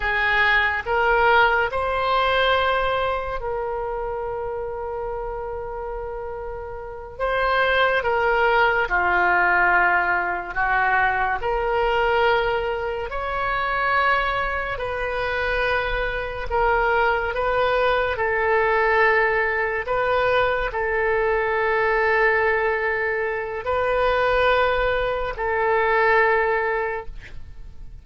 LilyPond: \new Staff \with { instrumentName = "oboe" } { \time 4/4 \tempo 4 = 71 gis'4 ais'4 c''2 | ais'1~ | ais'8 c''4 ais'4 f'4.~ | f'8 fis'4 ais'2 cis''8~ |
cis''4. b'2 ais'8~ | ais'8 b'4 a'2 b'8~ | b'8 a'2.~ a'8 | b'2 a'2 | }